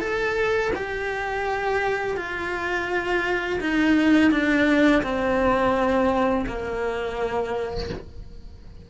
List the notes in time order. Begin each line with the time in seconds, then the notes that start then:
0.00 A4
0.76 G4
2.17 F4
3.61 D#4
4.31 D4
5.03 C4
6.47 A#3